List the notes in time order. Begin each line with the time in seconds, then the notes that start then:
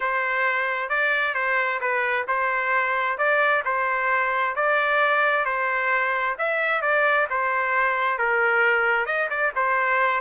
0.00 C5
0.89 D5
1.34 C5
1.80 B4
2.27 C5
3.18 D5
3.65 C5
4.55 D5
5.45 C5
6.38 E5
6.81 D5
7.30 C5
8.18 A#4
9.06 D#5
9.30 D5
9.55 C5